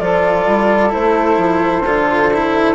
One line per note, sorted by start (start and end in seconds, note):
0.00 0.47 F3
0.00 0.90 F4
0.00 2.75 A4
0.00 0.92 D5
0.47 0.93 G3
0.90 1.37 A3
0.90 1.82 E4
0.90 2.75 C5
1.37 1.83 F3
1.86 2.75 D3
1.86 2.32 F4
2.34 2.75 E4